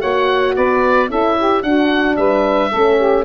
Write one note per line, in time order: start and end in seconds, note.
0.00 0.57 A#3
0.00 1.09 F#4
0.00 0.54 C#5
0.00 0.55 F#5
0.56 1.09 B3
0.56 1.09 B4
0.56 1.10 D5
1.09 1.63 C#4
1.09 1.63 E4
1.09 1.36 A4
1.09 1.62 E5
1.37 1.64 G4
1.62 2.17 D4
1.62 2.73 D4
1.62 2.17 F#4
1.62 2.16 F#5
2.16 2.71 G3
2.16 2.70 B4
2.16 3.24 E5
2.70 3.25 A3
2.70 3.25 C#4
2.70 2.97 A4
2.97 3.24 G4